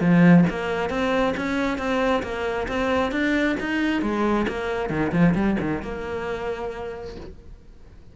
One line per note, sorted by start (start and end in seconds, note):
0.00 0.44 F3
0.49 0.89 A#3
0.89 1.34 C4
1.37 1.78 C#4
1.78 2.22 C4
2.22 2.67 A#3
2.68 3.11 C4
3.11 3.56 D4
3.60 4.02 D#4
4.02 4.46 G#3
4.48 4.89 A#3
4.89 5.12 D#3
5.12 5.34 F3
5.34 5.57 G3
5.60 5.82 D#3
5.82 7.16 A#3